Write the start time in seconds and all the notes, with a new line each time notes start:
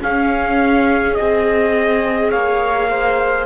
0.00 C#4 G#4 F5
1.14 C4 G#4 D#5
2.30 A#3 C#5 F5
2.90 C5